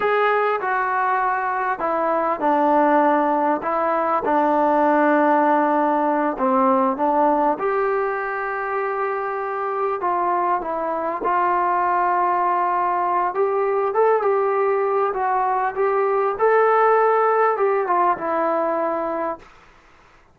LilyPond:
\new Staff \with { instrumentName = "trombone" } { \time 4/4 \tempo 4 = 99 gis'4 fis'2 e'4 | d'2 e'4 d'4~ | d'2~ d'8 c'4 d'8~ | d'8 g'2.~ g'8~ |
g'8 f'4 e'4 f'4.~ | f'2 g'4 a'8 g'8~ | g'4 fis'4 g'4 a'4~ | a'4 g'8 f'8 e'2 | }